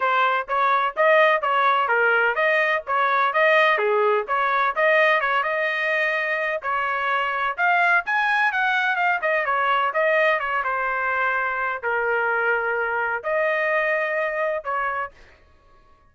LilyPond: \new Staff \with { instrumentName = "trumpet" } { \time 4/4 \tempo 4 = 127 c''4 cis''4 dis''4 cis''4 | ais'4 dis''4 cis''4 dis''4 | gis'4 cis''4 dis''4 cis''8 dis''8~ | dis''2 cis''2 |
f''4 gis''4 fis''4 f''8 dis''8 | cis''4 dis''4 cis''8 c''4.~ | c''4 ais'2. | dis''2. cis''4 | }